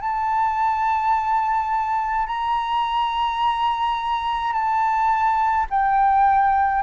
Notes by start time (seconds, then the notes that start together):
0.00 A5
2.26 A#5
4.52 A5
5.70 G5